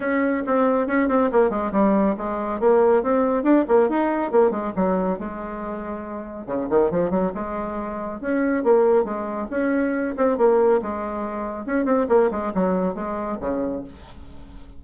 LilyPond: \new Staff \with { instrumentName = "bassoon" } { \time 4/4 \tempo 4 = 139 cis'4 c'4 cis'8 c'8 ais8 gis8 | g4 gis4 ais4 c'4 | d'8 ais8 dis'4 ais8 gis8 fis4 | gis2. cis8 dis8 |
f8 fis8 gis2 cis'4 | ais4 gis4 cis'4. c'8 | ais4 gis2 cis'8 c'8 | ais8 gis8 fis4 gis4 cis4 | }